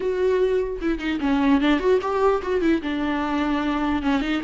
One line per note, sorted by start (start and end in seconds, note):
0.00 0.80 F#4
0.81 0.98 E4
0.98 1.18 D#4
1.20 1.60 C#4
1.60 1.79 D4
1.79 1.99 F#4
2.01 2.42 G4
2.42 2.61 F#4
2.61 2.81 E4
2.82 4.02 D4
4.02 4.21 C#4
4.21 4.41 D#4